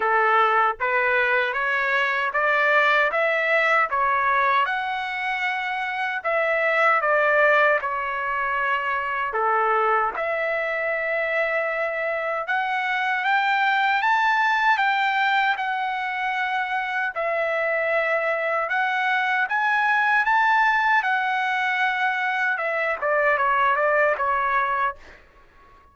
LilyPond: \new Staff \with { instrumentName = "trumpet" } { \time 4/4 \tempo 4 = 77 a'4 b'4 cis''4 d''4 | e''4 cis''4 fis''2 | e''4 d''4 cis''2 | a'4 e''2. |
fis''4 g''4 a''4 g''4 | fis''2 e''2 | fis''4 gis''4 a''4 fis''4~ | fis''4 e''8 d''8 cis''8 d''8 cis''4 | }